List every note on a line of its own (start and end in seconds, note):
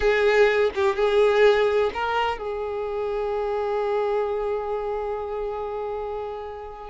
0.00 0.70 G#4
0.74 0.95 G4
0.95 1.90 G#4
1.93 2.38 A#4
2.38 6.90 G#4